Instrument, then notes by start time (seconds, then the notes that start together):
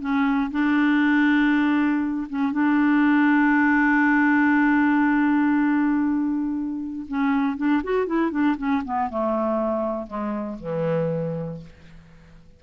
clarinet
0.00 C#4
0.51 D4
2.29 C#4
2.52 D4
7.08 C#4
7.57 D4
7.83 F#4
8.06 E4
8.31 D4
8.58 C#4
8.85 B3
9.10 A3
10.07 G#3
10.60 E3